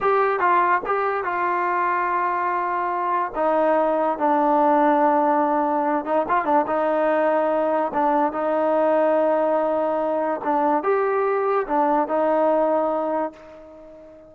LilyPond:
\new Staff \with { instrumentName = "trombone" } { \time 4/4 \tempo 4 = 144 g'4 f'4 g'4 f'4~ | f'1 | dis'2 d'2~ | d'2~ d'8 dis'8 f'8 d'8 |
dis'2. d'4 | dis'1~ | dis'4 d'4 g'2 | d'4 dis'2. | }